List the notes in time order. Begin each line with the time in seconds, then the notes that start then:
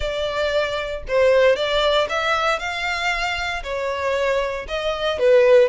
0.00 D5
1.08 C5
1.55 D5
2.09 E5
2.59 F5
3.63 C#5
4.67 D#5
5.18 B4